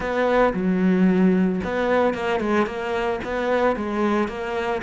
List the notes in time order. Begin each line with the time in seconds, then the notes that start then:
0.00 B3
0.53 F#3
1.64 B3
2.14 A#3
2.40 G#3
2.66 A#3
3.24 B3
3.75 G#3
4.28 A#3